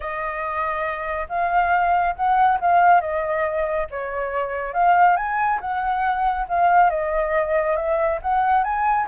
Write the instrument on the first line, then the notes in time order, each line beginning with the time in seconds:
flute
0.00 D#5
1.29 F5
2.15 F#5
2.60 F5
3.01 D#5
3.90 C#5
4.73 F5
5.16 G#5
5.60 F#5
6.48 F5
6.90 D#5
7.76 E5
8.22 F#5
8.63 G#5